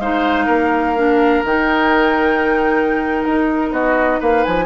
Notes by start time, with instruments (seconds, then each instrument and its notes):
0.00 bassoon G#3, clarinet D#4, oboe C5, flute F5
0.46 bassoon A#3, oboe A#4
0.97 clarinet D4
1.44 bassoon D#3, clarinet D#4, flute G5
3.24 bassoon D#4, flute A#4
3.71 bassoon B3, oboe F#4, flute D#5
4.20 bassoon A#3, oboe B4, flute F5
4.44 bassoon F3, flute G#5